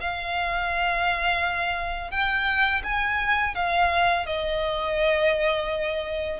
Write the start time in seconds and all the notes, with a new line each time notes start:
0.00 F5
2.10 G5
2.83 G#5
3.55 F5
4.26 D#5